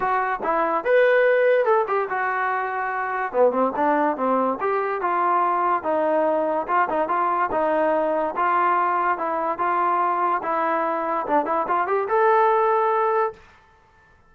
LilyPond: \new Staff \with { instrumentName = "trombone" } { \time 4/4 \tempo 4 = 144 fis'4 e'4 b'2 | a'8 g'8 fis'2. | b8 c'8 d'4 c'4 g'4 | f'2 dis'2 |
f'8 dis'8 f'4 dis'2 | f'2 e'4 f'4~ | f'4 e'2 d'8 e'8 | f'8 g'8 a'2. | }